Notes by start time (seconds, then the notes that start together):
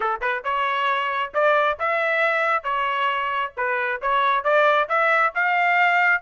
0.00 A4
0.21 B4
0.43 C#5
1.33 D5
1.79 E5
2.63 C#5
3.56 B4
4.01 C#5
4.43 D5
4.88 E5
5.34 F5